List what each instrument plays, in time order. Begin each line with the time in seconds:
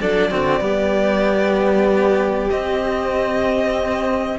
0.00 cello F#3 D4, violin A4 D5
0.31 cello D3 C4, violin F#4
0.60 cello G3 B3, violin G4
2.50 cello C4, violin D#5